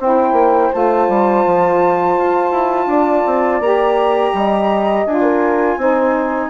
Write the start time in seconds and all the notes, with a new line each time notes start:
0.00 C4 E4 C5 G5
0.33 A#3
0.73 A3 F4 A5
1.09 G3
1.47 F3
2.18 F4
2.52 E4
2.87 D4 D5
3.27 C4
3.60 A#3 G4 A#5
4.34 G3 D#5
5.06 D4 F4 G#5
5.23 A#4
5.78 C4 D#4 C5